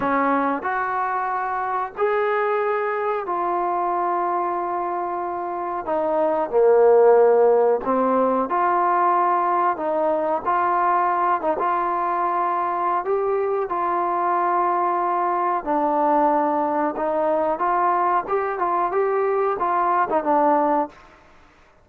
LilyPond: \new Staff \with { instrumentName = "trombone" } { \time 4/4 \tempo 4 = 92 cis'4 fis'2 gis'4~ | gis'4 f'2.~ | f'4 dis'4 ais2 | c'4 f'2 dis'4 |
f'4. dis'16 f'2~ f'16 | g'4 f'2. | d'2 dis'4 f'4 | g'8 f'8 g'4 f'8. dis'16 d'4 | }